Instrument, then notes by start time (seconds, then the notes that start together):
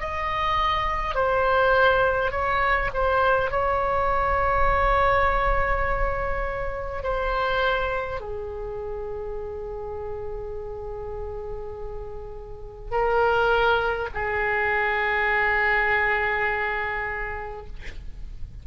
oboe
0.00 D#5
1.15 C5
2.31 C#5
2.94 C5
3.51 C#5
7.03 C5
8.20 G#4
12.91 A#4
14.14 G#4